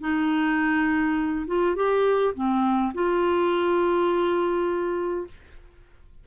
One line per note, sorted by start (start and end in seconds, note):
0.00 1.46 D#4
1.46 1.75 F4
1.75 2.34 G4
2.34 2.92 C4
2.94 5.27 F4